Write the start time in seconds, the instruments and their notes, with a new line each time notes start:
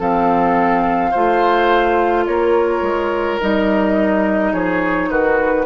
0.00 bassoon F3, clarinet C4, oboe A4, flute F5
1.11 bassoon A3, clarinet F4, oboe C5
2.27 bassoon A#3, oboe A#4, flute C#5
2.82 bassoon G#3
3.41 bassoon G3, clarinet D#4, flute D#5
4.53 bassoon F3, oboe G#4, flute C#5
5.09 bassoon D#3, oboe F#4, flute B4